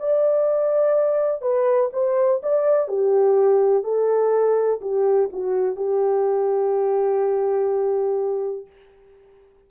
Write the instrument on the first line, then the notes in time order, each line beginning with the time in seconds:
horn
0.00 D5
1.42 B4
1.94 C5
2.43 D5
2.89 G4
3.84 A4
4.82 G4
5.33 F#4
5.77 G4